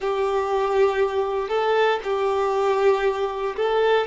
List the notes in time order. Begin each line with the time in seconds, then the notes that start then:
0.00 G4
1.49 A4
2.03 G4
3.56 A4